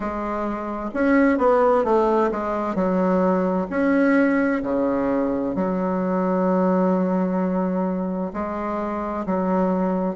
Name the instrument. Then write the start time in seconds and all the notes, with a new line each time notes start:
bassoon
0.00 G#3
0.94 C#4
1.38 B3
1.84 A3
2.31 G#3
2.74 F#3
3.70 C#4
4.62 C#3
5.55 F#3
8.33 G#3
9.26 F#3